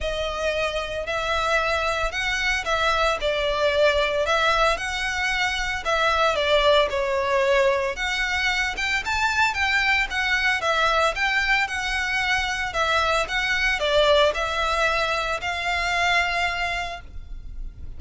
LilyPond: \new Staff \with { instrumentName = "violin" } { \time 4/4 \tempo 4 = 113 dis''2 e''2 | fis''4 e''4 d''2 | e''4 fis''2 e''4 | d''4 cis''2 fis''4~ |
fis''8 g''8 a''4 g''4 fis''4 | e''4 g''4 fis''2 | e''4 fis''4 d''4 e''4~ | e''4 f''2. | }